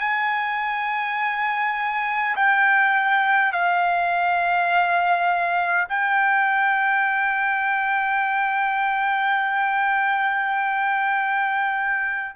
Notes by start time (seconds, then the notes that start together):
0.00 G#5
2.36 G5
3.52 F5
5.89 G5